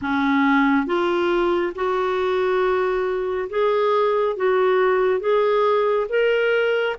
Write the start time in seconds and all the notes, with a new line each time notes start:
0.01 C#4
0.86 F4
1.75 F#4
3.49 G#4
4.36 F#4
5.20 G#4
6.09 A#4